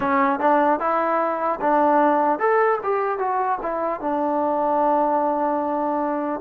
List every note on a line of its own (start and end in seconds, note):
0.00 0.39 C#4
0.39 0.79 D4
0.79 1.59 E4
1.60 2.39 D4
2.39 2.79 A4
2.83 3.18 G4
3.18 3.58 F#4
3.61 4.00 E4
4.00 6.40 D4